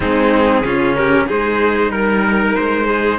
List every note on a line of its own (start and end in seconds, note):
0.00 0.61 G#3
0.00 0.64 C4
0.00 0.63 D#4
0.00 0.95 G#4
0.61 1.24 C#3
0.61 1.27 C#4
0.61 0.96 F4
0.95 1.27 G4
0.95 1.26 A#4
1.27 1.89 G#3
1.27 3.18 D#4
1.27 1.91 G#4
1.27 1.91 C5
1.89 2.53 G3
1.89 2.55 A#4
1.89 2.86 A#4
2.55 3.18 G#3
2.55 3.18 C5
2.86 3.18 G#4